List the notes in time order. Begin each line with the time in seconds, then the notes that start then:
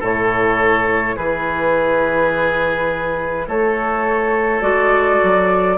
0.00 A2 E4 A4 C#5
1.16 E3 G#4 B4
3.48 A3 A4 C#5
4.61 G#3 F#4 D5
5.23 F#3